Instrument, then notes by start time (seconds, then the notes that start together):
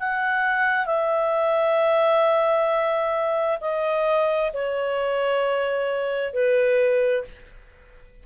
clarinet
0.00 F#5
0.86 E5
3.61 D#5
4.54 C#5
6.34 B4